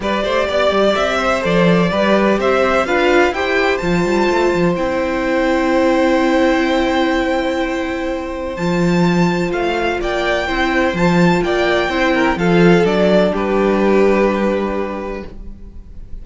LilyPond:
<<
  \new Staff \with { instrumentName = "violin" } { \time 4/4 \tempo 4 = 126 d''2 e''4 d''4~ | d''4 e''4 f''4 g''4 | a''2 g''2~ | g''1~ |
g''2 a''2 | f''4 g''2 a''4 | g''2 f''4 d''4 | b'1 | }
  \new Staff \with { instrumentName = "violin" } { \time 4/4 b'8 c''8 d''4. c''4. | b'4 c''4 b'4 c''4~ | c''1~ | c''1~ |
c''1~ | c''4 d''4 c''2 | d''4 c''8 ais'8 a'2 | g'1 | }
  \new Staff \with { instrumentName = "viola" } { \time 4/4 g'2. a'4 | g'2 f'4 g'4 | f'2 e'2~ | e'1~ |
e'2 f'2~ | f'2 e'4 f'4~ | f'4 e'4 f'4 d'4~ | d'1 | }
  \new Staff \with { instrumentName = "cello" } { \time 4/4 g8 a8 b8 g8 c'4 f4 | g4 c'4 d'4 e'4 | f8 g8 a8 f8 c'2~ | c'1~ |
c'2 f2 | a4 ais4 c'4 f4 | ais4 c'4 f4 fis4 | g1 | }
>>